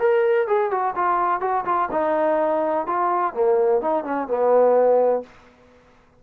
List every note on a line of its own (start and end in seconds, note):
0.00 0.48 A#4
0.48 0.71 G#4
0.71 0.95 F#4
0.96 1.41 F4
1.41 1.65 F#4
1.66 1.89 F4
1.92 2.87 D#4
2.87 3.34 F4
3.34 3.82 A#3
3.82 4.05 D#4
4.05 4.28 C#4
4.28 5.24 B3